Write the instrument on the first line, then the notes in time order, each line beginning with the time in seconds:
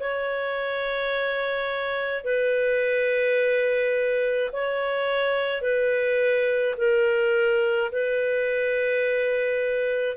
clarinet
0.00 C#5
2.24 B4
4.53 C#5
5.62 B4
6.78 A#4
7.92 B4